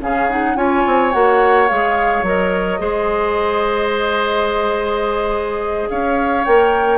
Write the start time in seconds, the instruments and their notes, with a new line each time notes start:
0.00 bassoon C#3, clarinet C#4, oboe G#4, flute F5
0.29 clarinet D#4, flute F#5
0.55 bassoon C#4, clarinet F4, oboe C#5, flute G#5
0.86 bassoon C4
1.12 bassoon A#3, clarinet F#4, flute F#5
1.68 bassoon G#3, clarinet G#4, flute F5
2.22 bassoon F#3, clarinet A#4, flute D#5
2.78 bassoon G#3, clarinet G#4, oboe C5
5.89 bassoon C#4, oboe C#5, flute F5
6.44 bassoon A#3, clarinet A#4, flute G5